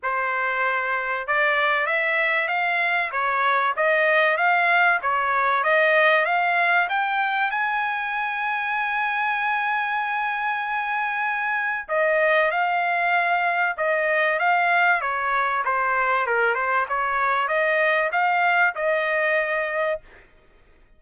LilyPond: \new Staff \with { instrumentName = "trumpet" } { \time 4/4 \tempo 4 = 96 c''2 d''4 e''4 | f''4 cis''4 dis''4 f''4 | cis''4 dis''4 f''4 g''4 | gis''1~ |
gis''2. dis''4 | f''2 dis''4 f''4 | cis''4 c''4 ais'8 c''8 cis''4 | dis''4 f''4 dis''2 | }